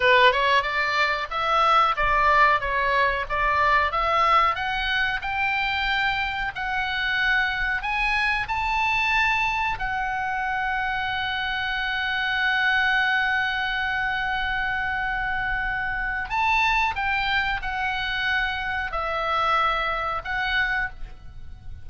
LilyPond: \new Staff \with { instrumentName = "oboe" } { \time 4/4 \tempo 4 = 92 b'8 cis''8 d''4 e''4 d''4 | cis''4 d''4 e''4 fis''4 | g''2 fis''2 | gis''4 a''2 fis''4~ |
fis''1~ | fis''1~ | fis''4 a''4 g''4 fis''4~ | fis''4 e''2 fis''4 | }